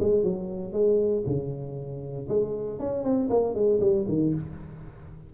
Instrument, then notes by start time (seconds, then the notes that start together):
tuba
0.00 G#3
0.23 F#3
0.73 G#3
1.26 C#3
2.29 G#3
2.79 C#4
3.04 C4
3.30 A#3
3.55 G#3
3.80 G3
4.08 D#3